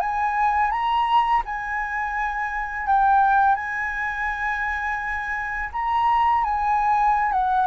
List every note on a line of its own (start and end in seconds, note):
0.00 0.71 G#5
0.71 1.43 A#5
1.45 2.87 G#5
2.87 3.55 G5
3.55 5.69 G#5
5.72 6.44 A#5
6.44 7.32 G#5
7.32 7.67 F#5